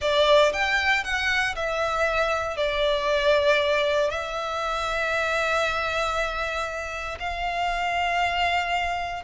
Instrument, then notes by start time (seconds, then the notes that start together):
violin
0.01 D5
0.52 G5
1.03 F#5
1.55 E5
2.56 D5
4.10 E5
7.19 F5